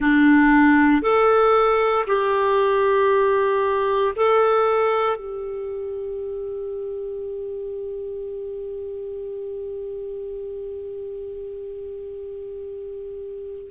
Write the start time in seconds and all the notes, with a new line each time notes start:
0.00 D4
1.02 A4
2.07 G4
4.16 A4
5.16 G4